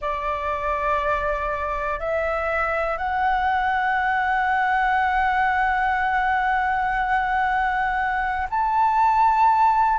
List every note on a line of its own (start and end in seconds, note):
0.00 1.99 D5
1.99 2.97 E5
2.97 8.47 F#5
8.50 9.99 A5